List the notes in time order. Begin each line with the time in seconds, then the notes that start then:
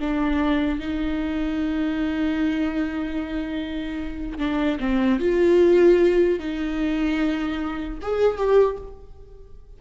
0.00 D4
0.79 D#4
4.39 D4
4.79 C4
5.19 F4
6.39 D#4
8.01 G#4
8.37 G4